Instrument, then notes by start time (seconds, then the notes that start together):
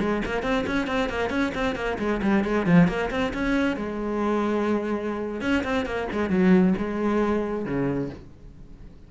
cello
0.00 G#3
0.26 A#3
0.43 C4
0.67 C#4
0.87 C4
1.09 A#3
1.30 C#4
1.55 C4
1.76 A#3
1.99 G#3
2.22 G3
2.44 G#3
2.66 F3
2.88 A#3
3.11 C4
3.33 C#4
3.77 G#3
5.41 C#4
5.64 C4
5.86 A#3
6.12 G#3
6.30 F#3
6.78 G#3
7.66 C#3